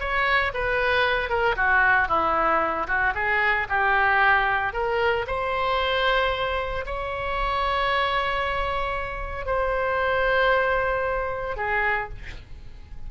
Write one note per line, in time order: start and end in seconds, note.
0.00 0.53 C#5
0.54 1.29 B4
1.29 1.56 A#4
1.56 2.08 F#4
2.08 2.87 E4
2.87 3.14 F#4
3.15 3.67 G#4
3.69 4.73 G4
4.73 5.26 A#4
5.27 6.85 C5
6.86 9.46 C#5
9.46 11.57 C5
11.57 12.09 G#4